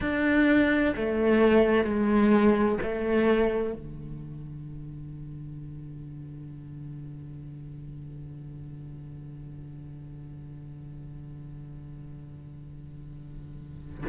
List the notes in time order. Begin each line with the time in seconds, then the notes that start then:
0.00 D4
0.95 A3
1.84 G#3
2.82 A3
3.73 D3